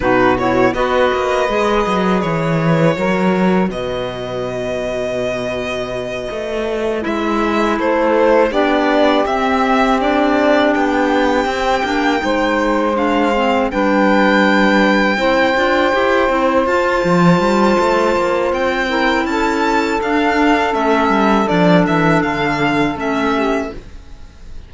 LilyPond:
<<
  \new Staff \with { instrumentName = "violin" } { \time 4/4 \tempo 4 = 81 b'8 cis''8 dis''2 cis''4~ | cis''4 dis''2.~ | dis''4. e''4 c''4 d''8~ | d''8 e''4 d''4 g''4.~ |
g''4. f''4 g''4.~ | g''2~ g''8 a''4.~ | a''4 g''4 a''4 f''4 | e''4 d''8 e''8 f''4 e''4 | }
  \new Staff \with { instrumentName = "saxophone" } { \time 4/4 fis'4 b'2. | ais'4 b'2.~ | b'2~ b'8 a'4 g'8~ | g'1~ |
g'8 c''2 b'4.~ | b'8 c''2.~ c''8~ | c''4. ais'8 a'2~ | a'2.~ a'8 g'8 | }
  \new Staff \with { instrumentName = "clarinet" } { \time 4/4 dis'8 e'8 fis'4 gis'2 | fis'1~ | fis'4. e'2 d'8~ | d'8 c'4 d'2 c'8 |
d'8 dis'4 d'8 c'8 d'4.~ | d'8 e'8 f'8 g'8 e'8 f'4.~ | f'4. e'4. d'4 | cis'4 d'2 cis'4 | }
  \new Staff \with { instrumentName = "cello" } { \time 4/4 b,4 b8 ais8 gis8 fis8 e4 | fis4 b,2.~ | b,8 a4 gis4 a4 b8~ | b8 c'2 b4 c'8 |
ais8 gis2 g4.~ | g8 c'8 d'8 e'8 c'8 f'8 f8 g8 | a8 ais8 c'4 cis'4 d'4 | a8 g8 f8 e8 d4 a4 | }
>>